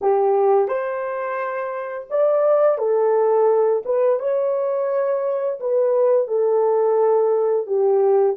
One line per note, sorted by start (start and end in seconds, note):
0.01 0.68 G4
0.68 2.07 C5
2.09 2.77 D5
2.77 3.82 A4
3.85 4.19 B4
4.19 5.59 C#5
5.59 6.27 B4
6.27 7.66 A4
7.66 8.36 G4